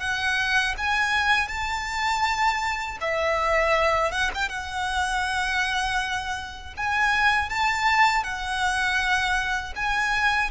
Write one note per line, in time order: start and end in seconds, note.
0.00 0.75 F#5
0.78 1.48 G#5
1.48 2.98 A5
3.01 4.11 E5
4.11 4.30 F#5
4.34 4.49 G5
4.49 6.74 F#5
6.77 7.49 G#5
7.49 8.24 A5
8.24 9.74 F#5
9.75 10.50 G#5